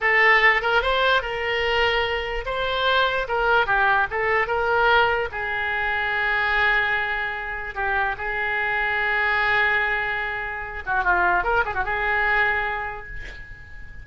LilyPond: \new Staff \with { instrumentName = "oboe" } { \time 4/4 \tempo 4 = 147 a'4. ais'8 c''4 ais'4~ | ais'2 c''2 | ais'4 g'4 a'4 ais'4~ | ais'4 gis'2.~ |
gis'2. g'4 | gis'1~ | gis'2~ gis'8 fis'8 f'4 | ais'8 gis'16 fis'16 gis'2. | }